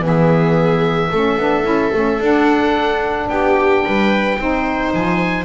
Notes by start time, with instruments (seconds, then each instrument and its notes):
0.00 double bass E3, saxophone B3, viola G#4
0.07 oboe E5
1.11 double bass A3, saxophone C#4, viola A4
1.37 double bass B3, saxophone D4
1.65 double bass C#4, saxophone E4
1.94 double bass A3, saxophone C#4
2.20 double bass D4, saxophone D4, oboe F#5
3.29 double bass B3, viola G4, oboe G5
3.85 double bass G3, viola B4
4.38 double bass C4, saxophone D#4, viola C5
4.94 double bass F3, oboe G#5